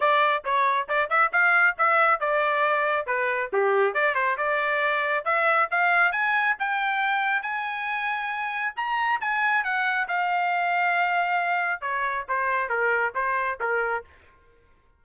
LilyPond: \new Staff \with { instrumentName = "trumpet" } { \time 4/4 \tempo 4 = 137 d''4 cis''4 d''8 e''8 f''4 | e''4 d''2 b'4 | g'4 d''8 c''8 d''2 | e''4 f''4 gis''4 g''4~ |
g''4 gis''2. | ais''4 gis''4 fis''4 f''4~ | f''2. cis''4 | c''4 ais'4 c''4 ais'4 | }